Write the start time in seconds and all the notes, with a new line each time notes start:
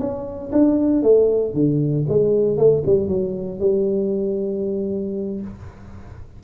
0.00 C#4
0.53 D4
1.03 A3
1.54 D3
2.09 G#3
2.58 A3
2.87 G3
3.08 F#3
3.60 G3